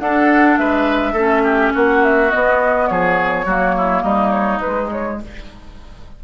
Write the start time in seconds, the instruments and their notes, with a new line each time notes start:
0.00 bassoon D4, clarinet D4, oboe A4, flute F#5
0.57 bassoon G#3, oboe B4, flute E5
1.13 bassoon A3, clarinet C#4, oboe A4
1.44 oboe G4
1.74 bassoon A#3, oboe F#4, flute F#5
2.04 flute E5
2.31 clarinet B3, bassoon B3, flute D#5
2.88 bassoon F3, oboe G#4, flute C#5
3.46 bassoon F#3, clarinet A#3, oboe F#4
3.77 oboe E4
4.02 bassoon G3, oboe D#4, flute D#5
4.31 flute C#5
4.60 clarinet G#3, bassoon G#3, flute B4
4.92 flute C#5